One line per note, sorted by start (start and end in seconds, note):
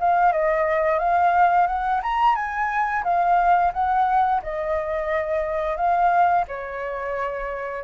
0.00 0.32 F5
0.32 0.99 D#5
0.99 1.67 F5
1.67 2.01 F#5
2.02 2.35 A#5
2.35 3.03 G#5
3.04 3.72 F5
3.73 4.41 F#5
4.43 5.76 D#5
5.76 6.45 F5
6.48 7.84 C#5